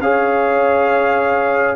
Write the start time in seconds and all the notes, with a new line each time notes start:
0.00 C#4 G#4 C#5 F5